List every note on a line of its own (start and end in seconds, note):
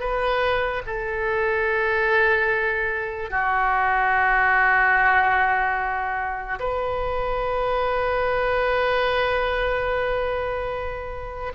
0.00 0.82 B4
0.86 3.30 A4
3.30 6.59 F#4
6.59 11.53 B4